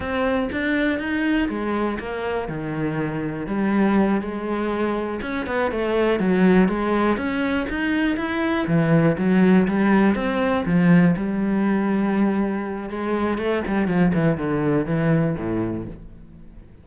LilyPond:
\new Staff \with { instrumentName = "cello" } { \time 4/4 \tempo 4 = 121 c'4 d'4 dis'4 gis4 | ais4 dis2 g4~ | g8 gis2 cis'8 b8 a8~ | a8 fis4 gis4 cis'4 dis'8~ |
dis'8 e'4 e4 fis4 g8~ | g8 c'4 f4 g4.~ | g2 gis4 a8 g8 | f8 e8 d4 e4 a,4 | }